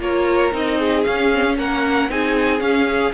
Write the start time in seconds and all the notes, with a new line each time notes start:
0.00 A#3 F4 A#4 C#5
0.52 C4 D#4 D#5
0.80 G#4
1.04 C#4 F5
1.34 C4
1.47 C#4
1.58 A#3 A#4 F#5
2.09 C4 D#4 G#4 G#5
2.60 C#4 F5
2.88 G#4